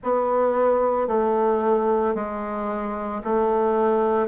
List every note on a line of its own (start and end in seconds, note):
0.03 1.07 B3
1.07 2.14 A3
2.14 3.21 G#3
3.23 4.27 A3